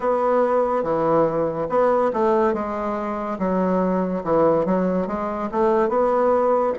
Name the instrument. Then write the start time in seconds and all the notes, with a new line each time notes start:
bassoon
0.00 B3
0.83 E3
1.69 B3
2.13 A3
2.53 G#3
3.38 F#3
4.24 E3
4.65 F#3
5.07 G#3
5.51 A3
5.88 B3